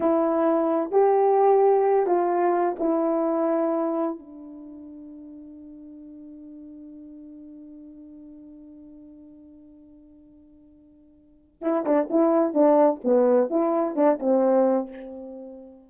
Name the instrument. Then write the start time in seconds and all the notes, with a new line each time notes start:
horn
0.00 E4
0.91 G4
2.06 F4
2.79 E4
4.19 D4
11.61 E4
11.85 D4
12.10 E4
12.54 D4
13.04 B3
13.50 E4
13.95 D4
14.19 C4